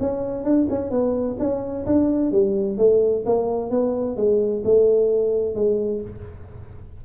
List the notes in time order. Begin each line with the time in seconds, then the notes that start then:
0.00 C#4
0.44 D4
0.70 C#4
0.90 B3
1.39 C#4
1.86 D4
2.32 G3
2.78 A3
3.26 A#3
3.71 B3
4.17 G#3
4.64 A3
5.55 G#3